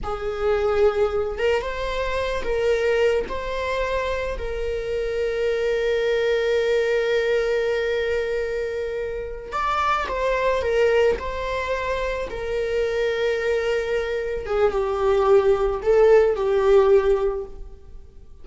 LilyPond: \new Staff \with { instrumentName = "viola" } { \time 4/4 \tempo 4 = 110 gis'2~ gis'8 ais'8 c''4~ | c''8 ais'4. c''2 | ais'1~ | ais'1~ |
ais'4. d''4 c''4 ais'8~ | ais'8 c''2 ais'4.~ | ais'2~ ais'8 gis'8 g'4~ | g'4 a'4 g'2 | }